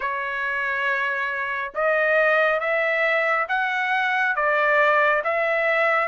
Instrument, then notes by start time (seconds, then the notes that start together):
trumpet
0.00 C#5
1.74 D#5
2.59 E5
3.48 F#5
4.35 D5
5.24 E5